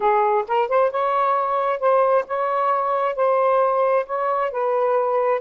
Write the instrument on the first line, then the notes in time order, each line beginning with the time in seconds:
saxophone
0.00 G#4
0.47 A#4
0.68 C5
0.90 C#5
1.79 C5
2.27 C#5
3.15 C5
4.06 C#5
4.51 B4